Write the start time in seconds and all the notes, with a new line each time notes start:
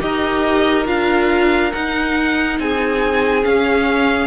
0.00 D#4 G4 A#4 D#5
0.85 D4 F4 F5
1.73 D#4 F#5
2.59 C4 G#4 G#5
3.42 C#4 F5